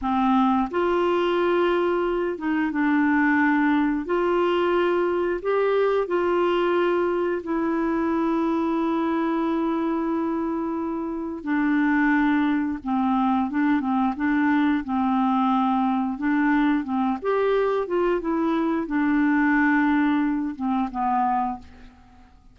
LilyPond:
\new Staff \with { instrumentName = "clarinet" } { \time 4/4 \tempo 4 = 89 c'4 f'2~ f'8 dis'8 | d'2 f'2 | g'4 f'2 e'4~ | e'1~ |
e'4 d'2 c'4 | d'8 c'8 d'4 c'2 | d'4 c'8 g'4 f'8 e'4 | d'2~ d'8 c'8 b4 | }